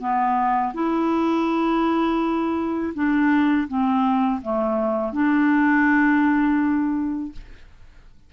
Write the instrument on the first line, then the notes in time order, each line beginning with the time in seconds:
clarinet
0.00 B3
0.74 E4
2.94 D4
3.68 C4
4.42 A3
5.13 D4